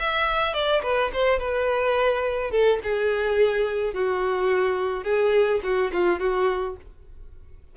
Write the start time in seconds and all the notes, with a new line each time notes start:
0.00 E5
0.54 D5
0.83 B4
1.13 C5
1.39 B4
2.52 A4
2.84 G#4
3.94 F#4
5.05 G#4
5.64 F#4
5.93 F4
6.20 F#4